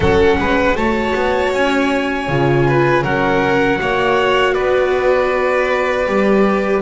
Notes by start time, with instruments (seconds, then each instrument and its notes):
0.00 double bass F#3, viola C#4, violin A4, trumpet F#5
0.37 double bass G#3, violin B4
0.74 double bass A3, viola F#4, violin C#5, trumpet A5
1.14 double bass B3
1.53 double bass C#4, trumpet G#5
2.28 double bass C#3, viola F4
2.67 violin B4
3.03 double bass F#3, viola C#4, violin A#4, trumpet F#5
3.78 double bass A#3, viola F#4, violin C#5
4.54 double bass B3, violin B4, trumpet D5
6.05 double bass G3, viola G4